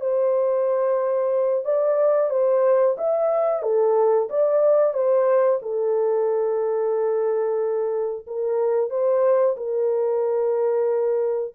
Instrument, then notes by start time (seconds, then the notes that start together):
horn
0.00 C5
1.64 D5
2.30 C5
2.97 E5
3.62 A4
4.29 D5
4.93 C5
5.62 A4
8.27 A#4
8.90 C5
9.56 A#4